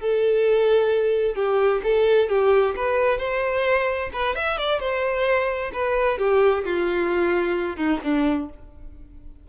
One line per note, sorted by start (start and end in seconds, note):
0.00 1.35 A4
1.35 1.81 G4
1.83 2.29 A4
2.29 2.75 G4
2.76 3.18 B4
3.18 4.09 C5
4.13 4.35 B4
4.35 4.57 E5
4.57 4.79 D5
4.79 5.71 C5
5.73 6.18 B4
6.18 6.64 G4
6.65 7.76 F4
7.76 7.99 D#4
8.03 8.49 D4